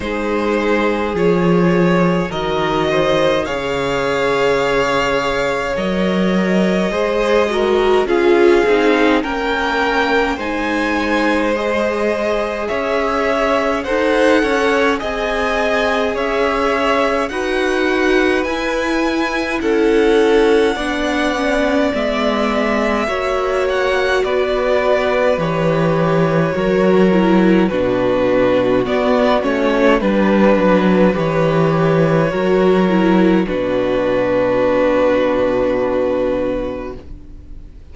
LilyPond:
<<
  \new Staff \with { instrumentName = "violin" } { \time 4/4 \tempo 4 = 52 c''4 cis''4 dis''4 f''4~ | f''4 dis''2 f''4 | g''4 gis''4 dis''4 e''4 | fis''4 gis''4 e''4 fis''4 |
gis''4 fis''2 e''4~ | e''8 fis''8 d''4 cis''2 | b'4 d''8 cis''8 b'4 cis''4~ | cis''4 b'2. | }
  \new Staff \with { instrumentName = "violin" } { \time 4/4 gis'2 ais'8 c''8 cis''4~ | cis''2 c''8 ais'8 gis'4 | ais'4 c''2 cis''4 | c''8 cis''8 dis''4 cis''4 b'4~ |
b'4 a'4 d''2 | cis''4 b'2 ais'4 | fis'2 b'2 | ais'4 fis'2. | }
  \new Staff \with { instrumentName = "viola" } { \time 4/4 dis'4 f'4 fis'4 gis'4~ | gis'4 ais'4 gis'8 fis'8 f'8 dis'8 | cis'4 dis'4 gis'2 | a'4 gis'2 fis'4 |
e'2 d'8 cis'8 b4 | fis'2 g'4 fis'8 e'8 | d'4 b8 cis'8 d'4 g'4 | fis'8 e'8 d'2. | }
  \new Staff \with { instrumentName = "cello" } { \time 4/4 gis4 f4 dis4 cis4~ | cis4 fis4 gis4 cis'8 c'8 | ais4 gis2 cis'4 | dis'8 cis'8 c'4 cis'4 dis'4 |
e'4 cis'4 b4 gis4 | ais4 b4 e4 fis4 | b,4 b8 a8 g8 fis8 e4 | fis4 b,2. | }
>>